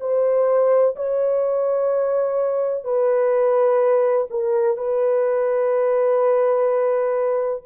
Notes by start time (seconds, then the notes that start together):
0.00 C5
0.96 C#5
2.84 B4
4.30 A#4
4.77 B4